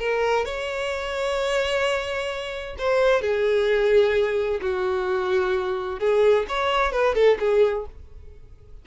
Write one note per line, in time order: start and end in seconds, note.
0.00 0.45 A#4
0.45 2.76 C#5
2.79 3.22 C5
3.22 4.60 G#4
4.62 6.00 F#4
6.00 6.46 G#4
6.49 6.92 C#5
6.92 7.15 B4
7.15 7.38 A4
7.40 7.86 G#4